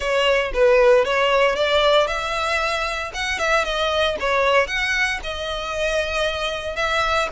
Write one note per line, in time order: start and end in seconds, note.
0.00 0.52 C#5
0.53 1.05 B4
1.05 1.55 C#5
1.55 2.07 D5
2.07 3.11 E5
3.14 3.38 F#5
3.38 3.64 E5
3.64 4.16 D#5
4.20 4.67 C#5
4.67 5.19 F#5
5.23 6.76 D#5
6.76 7.28 E5